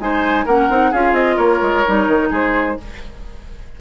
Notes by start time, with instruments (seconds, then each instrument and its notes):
0.00 bassoon G#3, clarinet D#4, oboe C5, flute G#5
0.45 bassoon A#3, clarinet C#4, oboe A#4, flute F#5
0.70 bassoon C4, clarinet D#4
0.91 bassoon C#4, clarinet F4, oboe G#4, flute F5
1.13 bassoon C4, flute D#5
1.36 bassoon A#3, oboe A#4, flute C#5
1.62 bassoon G#3
1.86 bassoon G3, clarinet D#4
2.08 bassoon D#3
2.31 bassoon G#3, oboe G#4, flute C5